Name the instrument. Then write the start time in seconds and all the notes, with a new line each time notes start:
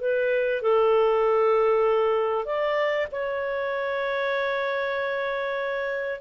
clarinet
0.00 B4
0.62 A4
2.45 D5
3.11 C#5